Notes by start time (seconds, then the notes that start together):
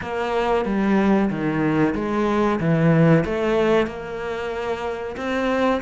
0.01 A#3
0.65 G3
1.29 D#3
1.94 G#3
2.60 E3
3.24 A3
3.87 A#3
5.16 C4